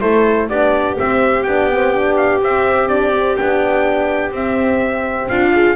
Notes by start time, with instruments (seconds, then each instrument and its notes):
0.00 double bass A3, horn E4, viola A4, trumpet C5
0.48 double bass B3, horn D4, viola G4, trumpet D5
0.97 horn C4, double bass C4, trumpet E5
1.42 double bass B3, horn D4, trumpet G5
1.71 horn C4
1.93 horn D4
2.16 trumpet F5
2.41 double bass C4, horn C4, trumpet E5
2.88 horn D4, trumpet D5
3.14 horn C4
3.36 double bass B3, horn D4, trumpet G5
4.31 double bass C4, horn C4, trumpet E5
5.28 double bass D4, viola F4, trumpet F5
5.52 horn G#4